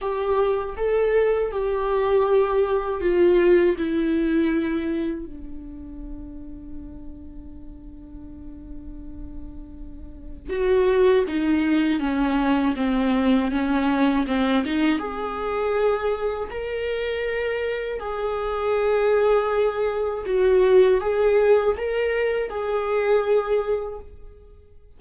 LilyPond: \new Staff \with { instrumentName = "viola" } { \time 4/4 \tempo 4 = 80 g'4 a'4 g'2 | f'4 e'2 d'4~ | d'1~ | d'2 fis'4 dis'4 |
cis'4 c'4 cis'4 c'8 dis'8 | gis'2 ais'2 | gis'2. fis'4 | gis'4 ais'4 gis'2 | }